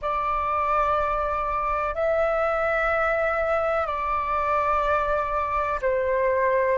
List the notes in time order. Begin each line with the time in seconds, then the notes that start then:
0.01 D5
1.94 E5
3.86 D5
5.81 C5